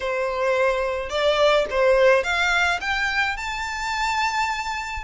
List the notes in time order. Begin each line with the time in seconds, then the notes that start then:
0.00 C5
1.09 D5
1.70 C5
2.23 F5
2.80 G5
3.36 A5